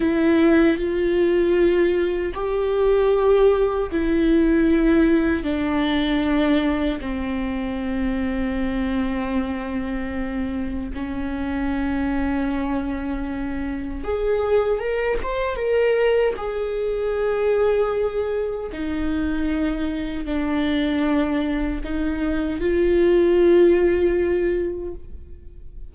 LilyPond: \new Staff \with { instrumentName = "viola" } { \time 4/4 \tempo 4 = 77 e'4 f'2 g'4~ | g'4 e'2 d'4~ | d'4 c'2.~ | c'2 cis'2~ |
cis'2 gis'4 ais'8 c''8 | ais'4 gis'2. | dis'2 d'2 | dis'4 f'2. | }